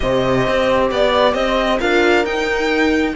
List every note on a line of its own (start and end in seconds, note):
0.00 0.47 C3
0.00 1.79 G4
0.00 0.92 C5
0.00 0.87 D#5
0.47 0.91 C4
0.91 1.34 B3
0.91 1.34 D5
1.34 1.79 C4
1.34 1.79 C5
1.34 1.79 D#5
1.79 2.24 D4
1.79 2.24 F4
1.79 3.15 A#4
1.79 2.25 F5
2.24 3.15 D#4
2.24 3.15 G5